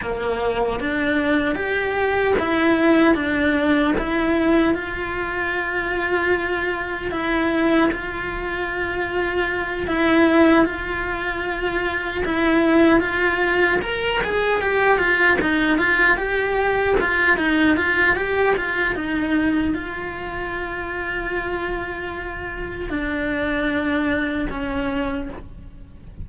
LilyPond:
\new Staff \with { instrumentName = "cello" } { \time 4/4 \tempo 4 = 76 ais4 d'4 g'4 e'4 | d'4 e'4 f'2~ | f'4 e'4 f'2~ | f'8 e'4 f'2 e'8~ |
e'8 f'4 ais'8 gis'8 g'8 f'8 dis'8 | f'8 g'4 f'8 dis'8 f'8 g'8 f'8 | dis'4 f'2.~ | f'4 d'2 cis'4 | }